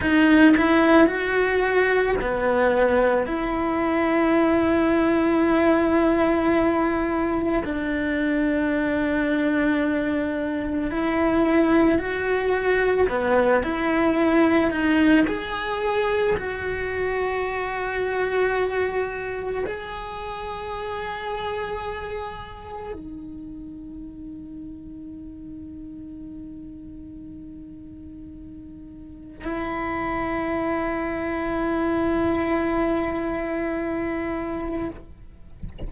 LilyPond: \new Staff \with { instrumentName = "cello" } { \time 4/4 \tempo 4 = 55 dis'8 e'8 fis'4 b4 e'4~ | e'2. d'4~ | d'2 e'4 fis'4 | b8 e'4 dis'8 gis'4 fis'4~ |
fis'2 gis'2~ | gis'4 dis'2.~ | dis'2. e'4~ | e'1 | }